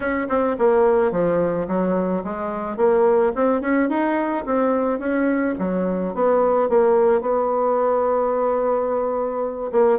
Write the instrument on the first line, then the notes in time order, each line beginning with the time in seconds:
bassoon
0.00 C#4
0.28 C4
0.58 A#3
1.11 F3
1.67 F#3
2.24 G#3
2.76 A#3
3.35 C4
3.61 C#4
3.89 D#4
4.45 C4
4.99 C#4
5.59 F#3
6.14 B3
6.69 A#3
7.21 B3
9.71 A#3